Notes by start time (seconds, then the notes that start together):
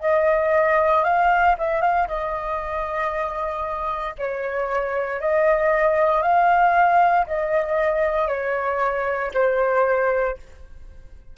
0.00 D#5
1.03 F5
1.58 E5
1.81 F5
2.07 D#5
4.18 C#5
5.20 D#5
6.22 F5
7.26 D#5
8.28 C#5
9.33 C5